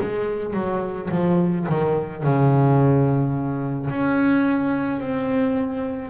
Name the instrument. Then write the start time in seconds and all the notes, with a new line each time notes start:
double bass
0.00 G#3
0.54 F#3
1.11 F3
1.68 D#3
2.23 C#3
3.90 C#4
4.99 C4